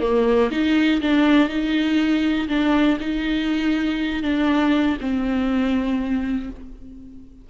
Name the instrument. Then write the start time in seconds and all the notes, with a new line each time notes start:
viola
0.00 A#3
0.51 D#4
1.01 D4
1.49 D#4
2.48 D4
3.00 D#4
4.23 D4
5.00 C4